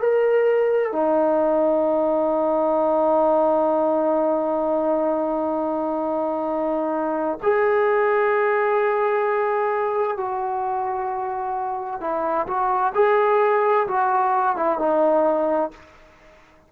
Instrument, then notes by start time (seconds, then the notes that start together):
trombone
0.00 A#4
0.92 D#4
7.43 G#4
10.17 F#4
12.00 E4
12.47 F#4
12.95 G#4
13.88 F#4
14.56 E4
14.79 D#4